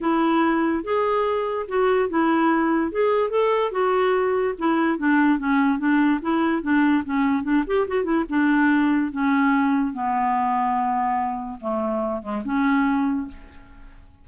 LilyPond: \new Staff \with { instrumentName = "clarinet" } { \time 4/4 \tempo 4 = 145 e'2 gis'2 | fis'4 e'2 gis'4 | a'4 fis'2 e'4 | d'4 cis'4 d'4 e'4 |
d'4 cis'4 d'8 g'8 fis'8 e'8 | d'2 cis'2 | b1 | a4. gis8 cis'2 | }